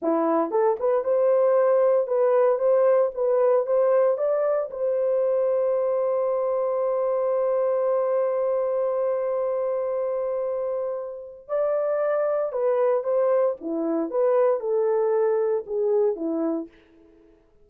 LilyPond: \new Staff \with { instrumentName = "horn" } { \time 4/4 \tempo 4 = 115 e'4 a'8 b'8 c''2 | b'4 c''4 b'4 c''4 | d''4 c''2.~ | c''1~ |
c''1~ | c''2 d''2 | b'4 c''4 e'4 b'4 | a'2 gis'4 e'4 | }